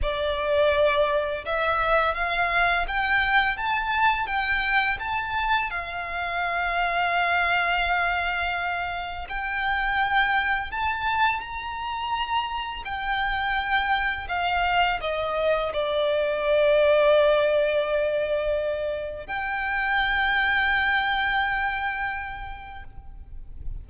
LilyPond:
\new Staff \with { instrumentName = "violin" } { \time 4/4 \tempo 4 = 84 d''2 e''4 f''4 | g''4 a''4 g''4 a''4 | f''1~ | f''4 g''2 a''4 |
ais''2 g''2 | f''4 dis''4 d''2~ | d''2. g''4~ | g''1 | }